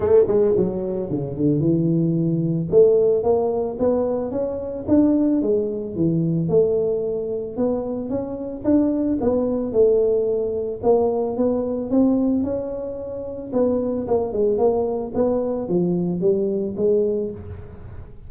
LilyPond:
\new Staff \with { instrumentName = "tuba" } { \time 4/4 \tempo 4 = 111 a8 gis8 fis4 cis8 d8 e4~ | e4 a4 ais4 b4 | cis'4 d'4 gis4 e4 | a2 b4 cis'4 |
d'4 b4 a2 | ais4 b4 c'4 cis'4~ | cis'4 b4 ais8 gis8 ais4 | b4 f4 g4 gis4 | }